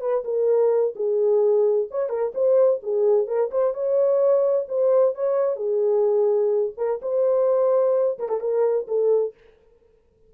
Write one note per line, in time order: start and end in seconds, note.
0.00 0.23 B4
0.24 0.94 A#4
0.95 1.88 G#4
1.90 2.09 C#5
2.09 2.32 A#4
2.34 2.80 C5
2.82 3.27 G#4
3.27 3.50 A#4
3.51 3.74 C5
3.74 4.67 C#5
4.68 5.15 C5
5.15 5.56 C#5
5.56 6.72 G#4
6.77 7.00 A#4
7.02 8.18 C5
8.18 8.28 A#4
8.28 8.40 A4
8.40 8.86 A#4
8.87 9.34 A4